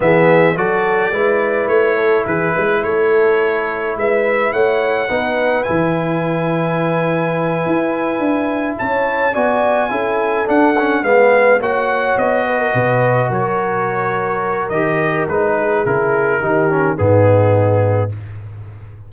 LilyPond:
<<
  \new Staff \with { instrumentName = "trumpet" } { \time 4/4 \tempo 4 = 106 e''4 d''2 cis''4 | b'4 cis''2 e''4 | fis''2 gis''2~ | gis''2.~ gis''8 a''8~ |
a''8 gis''2 fis''4 f''8~ | f''8 fis''4 dis''2 cis''8~ | cis''2 dis''4 b'4 | ais'2 gis'2 | }
  \new Staff \with { instrumentName = "horn" } { \time 4/4 gis'4 a'4 b'4. a'8 | gis'8 b'8 a'2 b'4 | cis''4 b'2.~ | b'2.~ b'8 cis''8~ |
cis''8 d''4 a'2 b'8~ | b'8 cis''4. b'16 ais'16 b'4 ais'8~ | ais'2.~ ais'8 gis'8~ | gis'4 g'4 dis'2 | }
  \new Staff \with { instrumentName = "trombone" } { \time 4/4 b4 fis'4 e'2~ | e'1~ | e'4 dis'4 e'2~ | e'1~ |
e'8 fis'4 e'4 d'8 cis'8 b8~ | b8 fis'2.~ fis'8~ | fis'2 g'4 dis'4 | e'4 dis'8 cis'8 b2 | }
  \new Staff \with { instrumentName = "tuba" } { \time 4/4 e4 fis4 gis4 a4 | e8 gis8 a2 gis4 | a4 b4 e2~ | e4. e'4 d'4 cis'8~ |
cis'8 b4 cis'4 d'4 gis8~ | gis8 ais4 b4 b,4 fis8~ | fis2 dis4 gis4 | cis4 dis4 gis,2 | }
>>